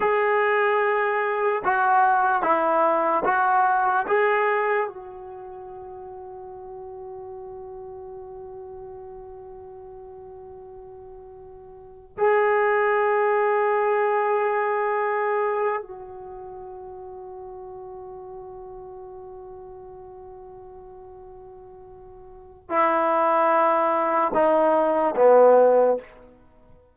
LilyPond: \new Staff \with { instrumentName = "trombone" } { \time 4/4 \tempo 4 = 74 gis'2 fis'4 e'4 | fis'4 gis'4 fis'2~ | fis'1~ | fis'2. gis'4~ |
gis'2.~ gis'8 fis'8~ | fis'1~ | fis'1 | e'2 dis'4 b4 | }